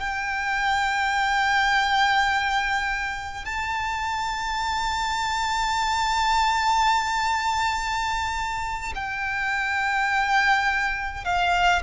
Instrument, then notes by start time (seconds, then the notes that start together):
violin
0.00 G5
3.45 A5
8.95 G5
11.25 F5